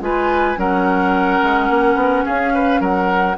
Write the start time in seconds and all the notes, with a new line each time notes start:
0.00 G#3 F4 B4 G#5
0.56 F#3 C#4 A#4 F#5
1.43 G#3
1.69 A#3
1.95 B3
2.25 C#4 G#4 F5
2.54 B4
2.80 F#3 A#4 F#5